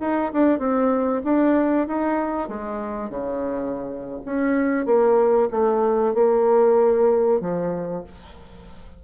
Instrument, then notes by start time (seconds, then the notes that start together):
bassoon
0.00 D#4
0.33 D4
0.59 C4
1.24 D4
1.87 D#4
2.48 G#3
3.10 C#3
4.25 C#4
4.86 A#3
5.51 A3
6.14 A#3
7.40 F3